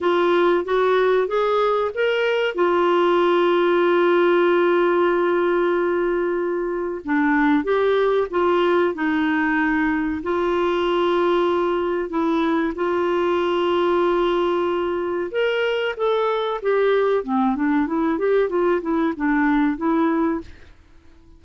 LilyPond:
\new Staff \with { instrumentName = "clarinet" } { \time 4/4 \tempo 4 = 94 f'4 fis'4 gis'4 ais'4 | f'1~ | f'2. d'4 | g'4 f'4 dis'2 |
f'2. e'4 | f'1 | ais'4 a'4 g'4 c'8 d'8 | e'8 g'8 f'8 e'8 d'4 e'4 | }